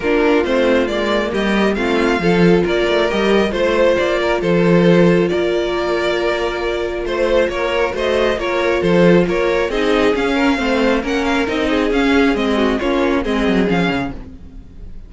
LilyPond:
<<
  \new Staff \with { instrumentName = "violin" } { \time 4/4 \tempo 4 = 136 ais'4 c''4 d''4 dis''4 | f''2 d''4 dis''4 | c''4 d''4 c''2 | d''1 |
c''4 cis''4 dis''4 cis''4 | c''4 cis''4 dis''4 f''4~ | f''4 fis''8 f''8 dis''4 f''4 | dis''4 cis''4 dis''4 f''4 | }
  \new Staff \with { instrumentName = "violin" } { \time 4/4 f'2. g'4 | f'4 a'4 ais'2 | c''4. ais'8 a'2 | ais'1 |
c''4 ais'4 c''4 ais'4 | a'4 ais'4 gis'4. ais'8 | c''4 ais'4. gis'4.~ | gis'8 fis'8 f'4 gis'2 | }
  \new Staff \with { instrumentName = "viola" } { \time 4/4 d'4 c'4 ais2 | c'4 f'2 g'4 | f'1~ | f'1~ |
f'2 fis'4 f'4~ | f'2 dis'4 cis'4 | c'4 cis'4 dis'4 cis'4 | c'4 cis'4 c'4 cis'4 | }
  \new Staff \with { instrumentName = "cello" } { \time 4/4 ais4 a4 gis4 g4 | a4 f4 ais8 a8 g4 | a4 ais4 f2 | ais1 |
a4 ais4 a4 ais4 | f4 ais4 c'4 cis'4 | a4 ais4 c'4 cis'4 | gis4 ais4 gis8 fis8 f8 cis8 | }
>>